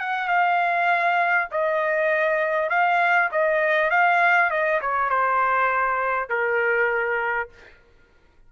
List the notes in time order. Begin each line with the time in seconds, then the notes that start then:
0.00 F#5
0.29 F5
1.52 D#5
2.70 F5
3.32 D#5
3.91 F5
4.51 D#5
4.82 C#5
5.10 C5
6.29 A#4